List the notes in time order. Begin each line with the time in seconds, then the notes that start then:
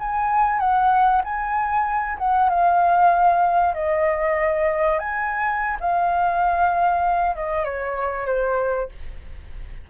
0.00 G#5
0.60 F#5
1.24 G#5
2.19 F#5
2.50 F5
3.75 D#5
4.99 G#5
5.81 F5
7.36 D#5
7.65 C#5
8.27 C5